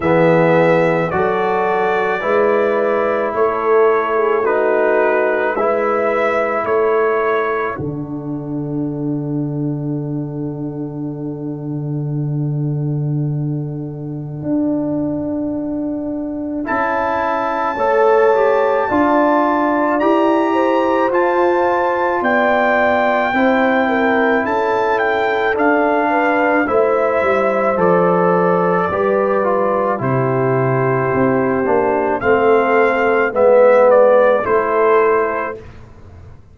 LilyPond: <<
  \new Staff \with { instrumentName = "trumpet" } { \time 4/4 \tempo 4 = 54 e''4 d''2 cis''4 | b'4 e''4 cis''4 fis''4~ | fis''1~ | fis''2. a''4~ |
a''2 ais''4 a''4 | g''2 a''8 g''8 f''4 | e''4 d''2 c''4~ | c''4 f''4 e''8 d''8 c''4 | }
  \new Staff \with { instrumentName = "horn" } { \time 4/4 gis'4 a'4 b'4 a'8. gis'16 | fis'4 b'4 a'2~ | a'1~ | a'1 |
cis''4 d''4. c''4. | d''4 c''8 ais'8 a'4. b'8 | c''2 b'4 g'4~ | g'4 a'4 b'4 a'4 | }
  \new Staff \with { instrumentName = "trombone" } { \time 4/4 b4 fis'4 e'2 | dis'4 e'2 d'4~ | d'1~ | d'2. e'4 |
a'8 g'8 f'4 g'4 f'4~ | f'4 e'2 d'4 | e'4 a'4 g'8 f'8 e'4~ | e'8 d'8 c'4 b4 e'4 | }
  \new Staff \with { instrumentName = "tuba" } { \time 4/4 e4 fis4 gis4 a4~ | a4 gis4 a4 d4~ | d1~ | d4 d'2 cis'4 |
a4 d'4 e'4 f'4 | b4 c'4 cis'4 d'4 | a8 g8 f4 g4 c4 | c'8 ais8 a4 gis4 a4 | }
>>